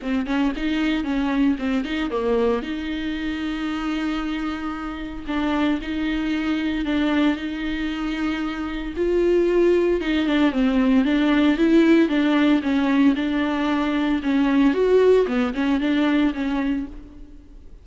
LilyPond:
\new Staff \with { instrumentName = "viola" } { \time 4/4 \tempo 4 = 114 c'8 cis'8 dis'4 cis'4 c'8 dis'8 | ais4 dis'2.~ | dis'2 d'4 dis'4~ | dis'4 d'4 dis'2~ |
dis'4 f'2 dis'8 d'8 | c'4 d'4 e'4 d'4 | cis'4 d'2 cis'4 | fis'4 b8 cis'8 d'4 cis'4 | }